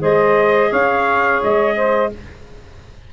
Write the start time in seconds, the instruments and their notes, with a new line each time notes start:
0.00 tuba G#3, clarinet G#4, saxophone C5, trumpet D#5
0.70 tuba C#4, saxophone C#5, trumpet F5
1.43 tuba G#3, trumpet D#5
1.76 saxophone C5